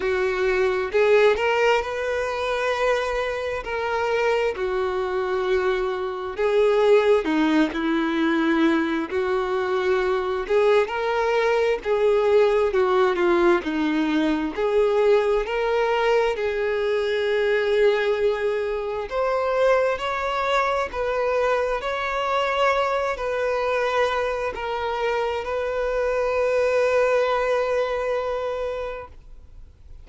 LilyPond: \new Staff \with { instrumentName = "violin" } { \time 4/4 \tempo 4 = 66 fis'4 gis'8 ais'8 b'2 | ais'4 fis'2 gis'4 | dis'8 e'4. fis'4. gis'8 | ais'4 gis'4 fis'8 f'8 dis'4 |
gis'4 ais'4 gis'2~ | gis'4 c''4 cis''4 b'4 | cis''4. b'4. ais'4 | b'1 | }